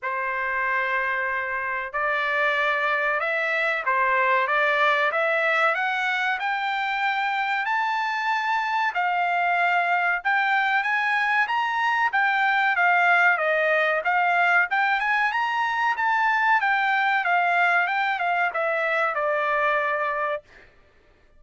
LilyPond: \new Staff \with { instrumentName = "trumpet" } { \time 4/4 \tempo 4 = 94 c''2. d''4~ | d''4 e''4 c''4 d''4 | e''4 fis''4 g''2 | a''2 f''2 |
g''4 gis''4 ais''4 g''4 | f''4 dis''4 f''4 g''8 gis''8 | ais''4 a''4 g''4 f''4 | g''8 f''8 e''4 d''2 | }